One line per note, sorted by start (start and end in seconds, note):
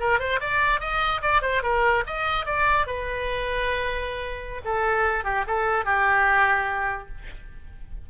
0.00 0.19 A#4
0.19 0.40 C5
0.40 0.80 D5
0.80 1.21 D#5
1.22 1.42 D5
1.42 1.63 C5
1.63 2.04 A#4
2.06 2.46 D#5
2.46 2.87 D5
2.87 4.61 B4
4.65 5.24 A4
5.24 5.45 G4
5.47 5.85 A4
5.85 7.08 G4